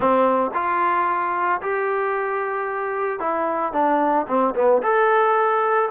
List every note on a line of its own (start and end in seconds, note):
0.00 0.51 C4
0.54 1.61 F4
1.61 3.19 G4
3.19 3.73 E4
3.73 4.26 D4
4.27 4.54 C4
4.55 4.82 B3
4.82 5.89 A4